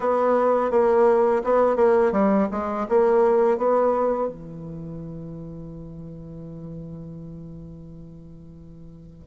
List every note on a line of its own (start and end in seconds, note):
0.00 0.70 B3
0.70 1.42 A#3
1.44 1.76 B3
1.76 2.11 A#3
2.12 2.47 G3
2.51 2.87 G#3
2.88 3.57 A#3
3.57 4.28 B3
4.28 9.27 E3